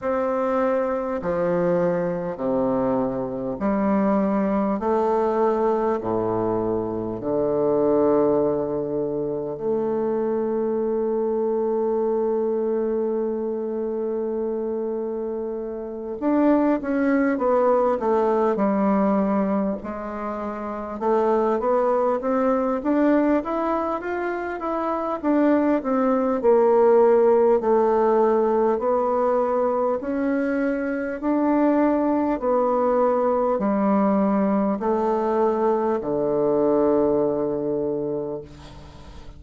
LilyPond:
\new Staff \with { instrumentName = "bassoon" } { \time 4/4 \tempo 4 = 50 c'4 f4 c4 g4 | a4 a,4 d2 | a1~ | a4. d'8 cis'8 b8 a8 g8~ |
g8 gis4 a8 b8 c'8 d'8 e'8 | f'8 e'8 d'8 c'8 ais4 a4 | b4 cis'4 d'4 b4 | g4 a4 d2 | }